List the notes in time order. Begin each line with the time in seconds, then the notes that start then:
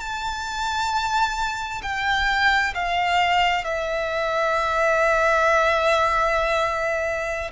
0.00 A5
1.83 G5
2.74 F5
3.64 E5